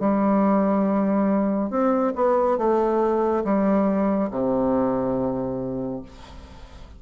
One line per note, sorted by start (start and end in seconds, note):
0.00 1.70 G3
1.70 2.13 C4
2.15 2.58 B3
2.58 3.44 A3
3.44 4.30 G3
4.31 6.02 C3